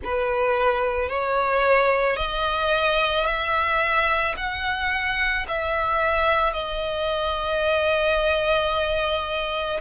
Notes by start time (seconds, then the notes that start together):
0.03 B4
1.09 C#5
2.16 D#5
3.25 E5
4.36 F#5
5.47 E5
6.53 D#5